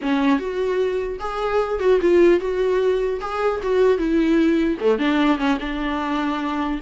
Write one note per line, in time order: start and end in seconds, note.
0.01 0.39 C#4
0.39 1.19 F#4
1.19 1.79 G#4
1.79 1.99 F#4
2.01 2.39 F4
2.39 3.19 F#4
3.20 3.60 G#4
3.63 3.98 F#4
3.98 4.78 E4
4.80 4.98 A3
4.98 5.38 D4
5.38 5.58 C#4
5.59 6.79 D4